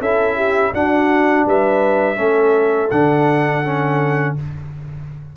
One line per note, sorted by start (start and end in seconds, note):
0.00 0.72 C#4
0.00 0.74 E4
0.00 0.36 A4
0.00 0.74 E5
0.36 0.72 G4
0.73 1.45 D4
0.73 2.16 D4
0.73 1.47 F#4
0.73 1.46 F#5
1.45 2.18 G3
1.45 2.17 B4
1.45 2.90 E5
2.16 2.90 A3
2.16 2.88 C#4
2.16 4.34 A4
2.90 4.36 D3
2.90 3.64 D4
2.90 4.35 F#5
3.64 4.36 C#4